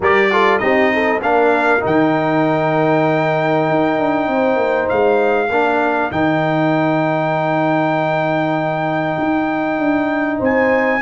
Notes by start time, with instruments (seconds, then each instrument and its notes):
0.00 tuba G3, trombone G4, horn A#4, trumpet D5
0.31 trombone F4, horn A4
0.58 tuba C4, trombone D#4, horn G4, trumpet D#5
0.93 horn A4
1.20 tuba A#3, trombone D4, horn A#4, trumpet F5
1.80 tuba D#3, trombone D#4, trumpet G5
3.69 tuba D#4
3.98 tuba D4
4.27 tuba C4, horn C5
4.56 tuba A#3
4.88 tuba G#3, trumpet F5
5.49 tuba A#3, trombone D4, horn A#4
6.11 tuba D#3, trombone D#4, trumpet G5
9.18 tuba D#4
9.78 tuba D4
10.38 tuba C4, horn C5, trumpet G#5